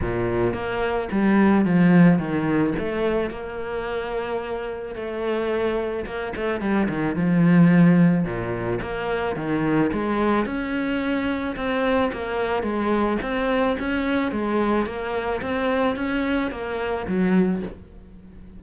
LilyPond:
\new Staff \with { instrumentName = "cello" } { \time 4/4 \tempo 4 = 109 ais,4 ais4 g4 f4 | dis4 a4 ais2~ | ais4 a2 ais8 a8 | g8 dis8 f2 ais,4 |
ais4 dis4 gis4 cis'4~ | cis'4 c'4 ais4 gis4 | c'4 cis'4 gis4 ais4 | c'4 cis'4 ais4 fis4 | }